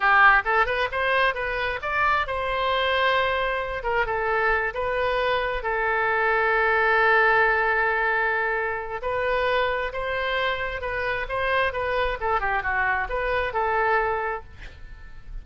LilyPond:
\new Staff \with { instrumentName = "oboe" } { \time 4/4 \tempo 4 = 133 g'4 a'8 b'8 c''4 b'4 | d''4 c''2.~ | c''8 ais'8 a'4. b'4.~ | b'8 a'2.~ a'8~ |
a'1 | b'2 c''2 | b'4 c''4 b'4 a'8 g'8 | fis'4 b'4 a'2 | }